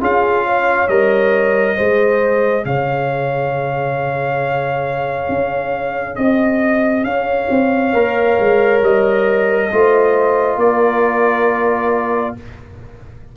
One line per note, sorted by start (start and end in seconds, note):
0.00 0.88 C#4
0.00 0.88 F4
0.00 0.45 G#4
0.00 0.88 F5
0.45 1.76 C#5
0.88 1.76 G3
0.88 1.77 A#4
0.88 2.64 D#5
1.76 2.65 G#3
1.76 7.94 G#4
1.76 2.64 C5
2.65 5.28 C#3
2.65 6.18 C#5
2.65 6.15 F5
5.28 6.16 C#4
6.15 7.03 C4
6.15 7.04 D#5
6.15 7.06 D#5
7.03 7.47 C#4
7.03 9.71 C#5
7.03 8.80 F5
7.50 7.93 C4
7.93 8.37 A#3
7.93 9.71 A#4
8.39 8.81 G#3
8.81 9.70 G3
8.81 10.59 D#5
9.71 10.56 A3
9.71 12.36 F4
9.71 10.59 C5
10.56 12.33 A#3
10.56 12.35 A#4
10.56 12.35 D5